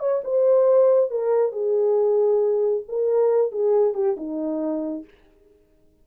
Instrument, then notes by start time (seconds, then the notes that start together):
horn
0.00 C#5
0.24 C5
1.11 A#4
1.52 G#4
2.89 A#4
3.52 G#4
3.94 G4
4.17 D#4